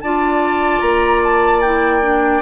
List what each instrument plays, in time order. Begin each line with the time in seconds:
0.00 bassoon D4, clarinet F4, oboe D5, flute A5
0.80 bassoon A#3, flute A#5
1.23 flute A5
1.60 clarinet E4, flute G5
2.01 clarinet D4